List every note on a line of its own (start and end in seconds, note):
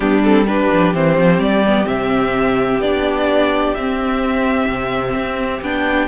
0.00 0.68 G3
0.00 0.23 B3
0.00 0.46 D4
0.00 0.23 G4
0.23 0.47 C4
0.23 0.47 A4
0.47 0.94 D4
0.47 6.07 G4
0.47 0.94 B4
0.73 0.94 F3
0.94 1.17 E3
0.94 1.64 C4
0.94 1.40 C5
1.17 1.38 F3
1.38 1.85 G3
1.38 1.87 D5
1.66 1.86 B3
1.86 2.79 C3
1.86 2.80 C4
1.86 2.80 E5
2.79 3.72 B3
2.79 3.75 D4
2.79 3.74 D5
3.74 4.67 C4
3.74 5.63 C4
3.74 5.62 E5
4.67 5.14 C3
5.14 5.61 C4
5.61 6.07 B3
5.61 6.07 D4
5.61 6.07 G5